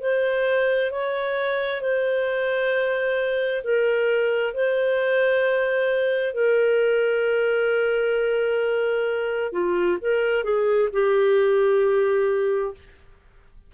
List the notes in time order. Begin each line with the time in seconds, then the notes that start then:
0.00 C5
0.91 C#5
1.81 C5
3.64 A#4
4.54 C5
6.34 A#4
9.52 F4
10.01 A#4
10.44 G#4
10.93 G4